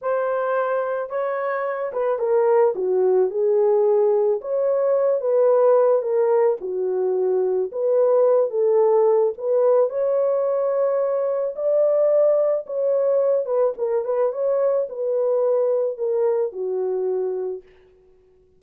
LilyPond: \new Staff \with { instrumentName = "horn" } { \time 4/4 \tempo 4 = 109 c''2 cis''4. b'8 | ais'4 fis'4 gis'2 | cis''4. b'4. ais'4 | fis'2 b'4. a'8~ |
a'4 b'4 cis''2~ | cis''4 d''2 cis''4~ | cis''8 b'8 ais'8 b'8 cis''4 b'4~ | b'4 ais'4 fis'2 | }